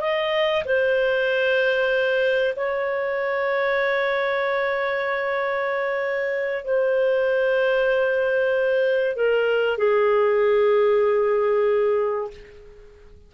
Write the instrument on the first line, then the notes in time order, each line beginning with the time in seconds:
clarinet
0.00 D#5
0.64 C5
2.56 C#5
6.64 C5
9.16 A#4
9.77 G#4